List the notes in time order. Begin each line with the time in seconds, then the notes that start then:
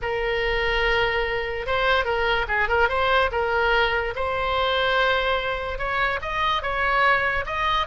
0.02 A#4
1.66 C5
2.04 A#4
2.47 G#4
2.68 A#4
2.89 C5
3.31 A#4
4.15 C5
5.78 C#5
6.21 D#5
6.62 C#5
7.46 D#5